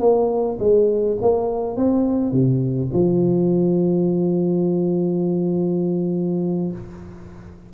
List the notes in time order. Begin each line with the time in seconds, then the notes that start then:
0.00 A#3
0.60 G#3
1.22 A#3
1.77 C4
2.32 C3
2.93 F3